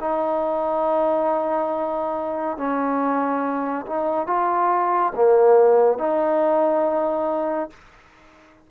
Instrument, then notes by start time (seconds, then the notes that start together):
trombone
0.00 D#4
2.57 C#4
3.86 D#4
4.27 F4
5.15 A#3
5.98 D#4